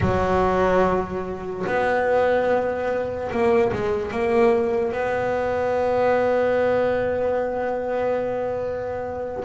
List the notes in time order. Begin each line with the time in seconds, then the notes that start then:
0.00 F#3
1.66 B3
3.31 A#3
3.72 G#3
4.11 A#3
4.92 B3